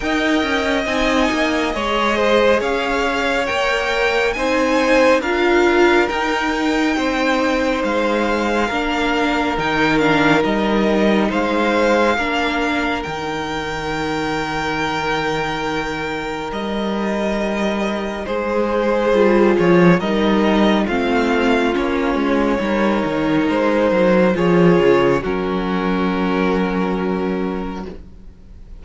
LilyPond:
<<
  \new Staff \with { instrumentName = "violin" } { \time 4/4 \tempo 4 = 69 g''4 gis''4 dis''4 f''4 | g''4 gis''4 f''4 g''4~ | g''4 f''2 g''8 f''8 | dis''4 f''2 g''4~ |
g''2. dis''4~ | dis''4 c''4. cis''8 dis''4 | f''4 cis''2 c''4 | cis''4 ais'2. | }
  \new Staff \with { instrumentName = "violin" } { \time 4/4 dis''2 cis''8 c''8 cis''4~ | cis''4 c''4 ais'2 | c''2 ais'2~ | ais'4 c''4 ais'2~ |
ais'1~ | ais'4 gis'2 ais'4 | f'2 ais'2 | gis'4 fis'2. | }
  \new Staff \with { instrumentName = "viola" } { \time 4/4 ais'4 dis'4 gis'2 | ais'4 dis'4 f'4 dis'4~ | dis'2 d'4 dis'8 d'8 | dis'2 d'4 dis'4~ |
dis'1~ | dis'2 f'4 dis'4 | c'4 cis'4 dis'2 | f'4 cis'2. | }
  \new Staff \with { instrumentName = "cello" } { \time 4/4 dis'8 cis'8 c'8 ais8 gis4 cis'4 | ais4 c'4 d'4 dis'4 | c'4 gis4 ais4 dis4 | g4 gis4 ais4 dis4~ |
dis2. g4~ | g4 gis4 g8 f8 g4 | a4 ais8 gis8 g8 dis8 gis8 fis8 | f8 cis8 fis2. | }
>>